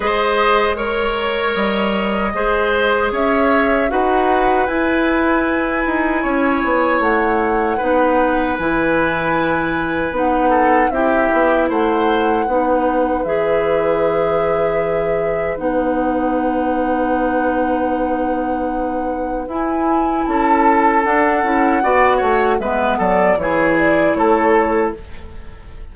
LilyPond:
<<
  \new Staff \with { instrumentName = "flute" } { \time 4/4 \tempo 4 = 77 dis''4 cis''4 dis''2 | e''4 fis''4 gis''2~ | gis''4 fis''2 gis''4~ | gis''4 fis''4 e''4 fis''4~ |
fis''4 e''2. | fis''1~ | fis''4 gis''4 a''4 fis''4~ | fis''4 e''8 d''8 cis''8 d''8 cis''4 | }
  \new Staff \with { instrumentName = "oboe" } { \time 4/4 c''4 cis''2 c''4 | cis''4 b'2. | cis''2 b'2~ | b'4. a'8 g'4 c''4 |
b'1~ | b'1~ | b'2 a'2 | d''8 cis''8 b'8 a'8 gis'4 a'4 | }
  \new Staff \with { instrumentName = "clarinet" } { \time 4/4 gis'4 ais'2 gis'4~ | gis'4 fis'4 e'2~ | e'2 dis'4 e'4~ | e'4 dis'4 e'2 |
dis'4 gis'2. | dis'1~ | dis'4 e'2 d'8 e'8 | fis'4 b4 e'2 | }
  \new Staff \with { instrumentName = "bassoon" } { \time 4/4 gis2 g4 gis4 | cis'4 dis'4 e'4. dis'8 | cis'8 b8 a4 b4 e4~ | e4 b4 c'8 b8 a4 |
b4 e2. | b1~ | b4 e'4 cis'4 d'8 cis'8 | b8 a8 gis8 fis8 e4 a4 | }
>>